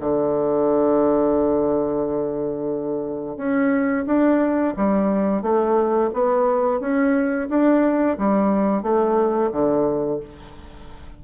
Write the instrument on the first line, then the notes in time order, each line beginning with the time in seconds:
bassoon
0.00 D3
3.37 C#4
4.06 D4
4.77 G3
5.42 A3
6.13 B3
6.80 C#4
7.49 D4
8.18 G3
8.82 A3
9.51 D3